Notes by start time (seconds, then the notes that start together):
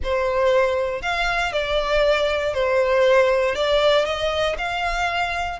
0.03 C5
1.02 F5
1.52 D5
2.54 C5
3.55 D5
4.05 D#5
4.57 F5